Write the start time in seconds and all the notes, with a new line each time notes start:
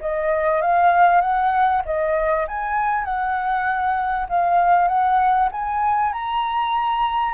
0.00 D#5
0.61 F5
1.21 F#5
1.85 D#5
2.47 G#5
3.04 F#5
4.29 F5
4.88 F#5
5.51 G#5
6.12 A#5